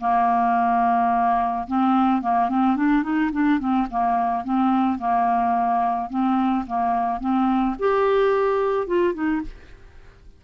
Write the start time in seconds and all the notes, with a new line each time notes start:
0.00 A#3
1.67 C4
2.21 A#3
2.49 C4
2.76 D4
3.03 D#4
3.32 D4
3.59 C4
3.90 A#3
4.44 C4
4.98 A#3
6.10 C4
6.66 A#3
7.20 C4
7.79 G4
8.87 F4
9.14 D#4